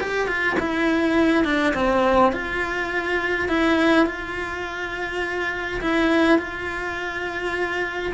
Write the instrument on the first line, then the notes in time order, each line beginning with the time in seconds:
cello
0.00 G4
0.27 F4
0.59 E4
1.44 D4
1.74 C4
2.32 F4
3.48 E4
4.06 F4
5.81 E4
6.38 F4